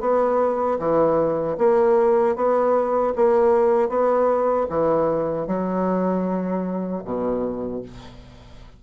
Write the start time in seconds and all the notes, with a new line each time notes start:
0.00 B3
0.79 E3
1.57 A#3
2.35 B3
3.15 A#3
3.89 B3
4.69 E3
5.47 F#3
7.04 B2